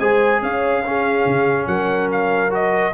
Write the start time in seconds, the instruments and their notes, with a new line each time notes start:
0.00 tuba G#3, trombone G#4, horn C5, trumpet G#5
0.43 tuba C#4, horn C#5, trumpet F5
0.86 trombone C#4, horn G#4
1.26 tuba C#3
1.67 tuba F#3, horn A#4, trumpet F#5
2.12 trumpet F5
2.51 trombone F#4, trumpet D#5